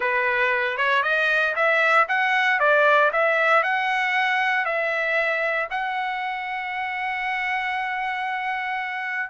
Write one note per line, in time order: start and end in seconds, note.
0.00 0.77 B4
0.77 1.03 C#5
1.03 1.54 D#5
1.55 2.07 E5
2.08 2.59 F#5
2.59 3.11 D5
3.12 3.63 E5
3.63 4.65 F#5
4.65 5.68 E5
5.70 9.29 F#5